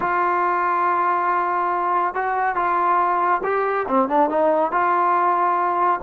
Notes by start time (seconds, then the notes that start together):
0.00 F4
2.14 F#4
2.55 F4
3.43 G4
3.87 C4
4.08 D4
4.29 D#4
4.71 F4